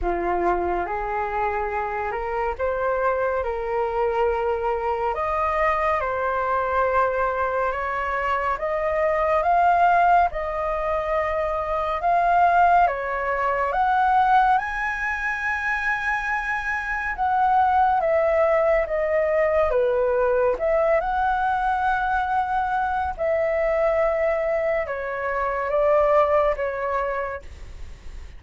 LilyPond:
\new Staff \with { instrumentName = "flute" } { \time 4/4 \tempo 4 = 70 f'4 gis'4. ais'8 c''4 | ais'2 dis''4 c''4~ | c''4 cis''4 dis''4 f''4 | dis''2 f''4 cis''4 |
fis''4 gis''2. | fis''4 e''4 dis''4 b'4 | e''8 fis''2~ fis''8 e''4~ | e''4 cis''4 d''4 cis''4 | }